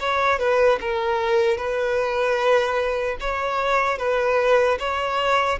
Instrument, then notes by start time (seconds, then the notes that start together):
violin
0.00 C#5
0.39 B4
0.81 A#4
1.57 B4
3.21 C#5
3.99 B4
4.79 C#5